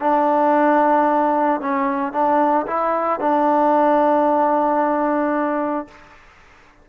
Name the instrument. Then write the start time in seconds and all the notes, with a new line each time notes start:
trombone
0.00 D4
1.60 C#4
2.12 D4
2.66 E4
3.19 D4